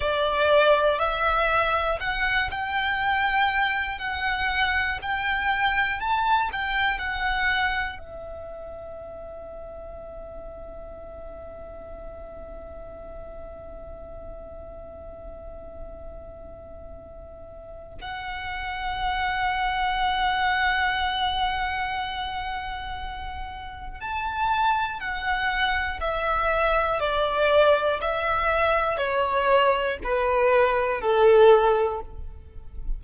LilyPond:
\new Staff \with { instrumentName = "violin" } { \time 4/4 \tempo 4 = 60 d''4 e''4 fis''8 g''4. | fis''4 g''4 a''8 g''8 fis''4 | e''1~ | e''1~ |
e''2 fis''2~ | fis''1 | a''4 fis''4 e''4 d''4 | e''4 cis''4 b'4 a'4 | }